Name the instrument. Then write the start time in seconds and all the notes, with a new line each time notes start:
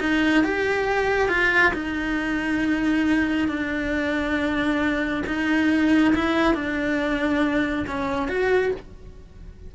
cello
0.00 D#4
0.44 G4
1.29 F4
1.73 D#4
3.48 D4
5.27 D#4
6.15 E4
6.54 D4
7.87 C#4
8.28 F#4